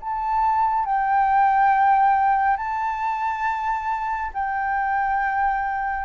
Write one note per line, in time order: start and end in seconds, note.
0.00 0.85 A5
0.85 2.57 G5
2.57 4.31 A5
4.34 6.05 G5